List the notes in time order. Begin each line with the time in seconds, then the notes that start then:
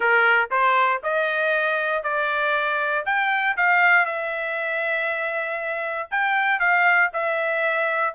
0.00 A#4
0.50 C5
1.03 D#5
2.03 D5
3.05 G5
3.56 F5
4.05 E5
6.10 G5
6.59 F5
7.13 E5